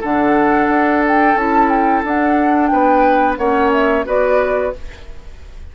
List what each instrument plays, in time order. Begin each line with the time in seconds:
0.00 bassoon D3, clarinet D4, oboe A4, flute F#5
0.69 bassoon D4
1.07 flute G5
1.35 bassoon C#4, clarinet E4, flute A5
1.70 flute G5
2.04 bassoon D4, clarinet D4, flute F#5
2.67 bassoon B3, oboe B4, flute G5
3.38 bassoon A#3, clarinet C#4, oboe C#5, flute F#5
3.73 flute E5
4.05 bassoon B3, clarinet F#4, oboe B4, flute D5